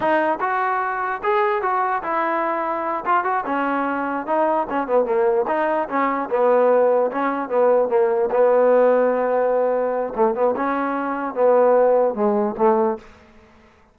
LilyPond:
\new Staff \with { instrumentName = "trombone" } { \time 4/4 \tempo 4 = 148 dis'4 fis'2 gis'4 | fis'4 e'2~ e'8 f'8 | fis'8 cis'2 dis'4 cis'8 | b8 ais4 dis'4 cis'4 b8~ |
b4. cis'4 b4 ais8~ | ais8 b2.~ b8~ | b4 a8 b8 cis'2 | b2 gis4 a4 | }